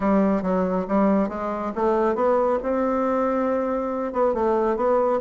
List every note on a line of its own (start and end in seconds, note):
0.00 0.42 G3
0.42 0.86 F#3
0.87 1.28 G3
1.28 1.72 G#3
1.75 2.15 A3
2.15 2.58 B3
2.62 4.13 C4
4.13 4.34 B3
4.34 4.76 A3
4.76 5.20 B3